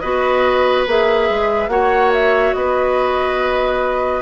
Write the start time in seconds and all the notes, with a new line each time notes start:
0.00 B3 F#4 B4 D#5
0.87 A#3 G#4 E5
1.30 G#3
1.68 A#3 F#4 C#5 F#5
2.13 E5
2.54 B3 B4 D#5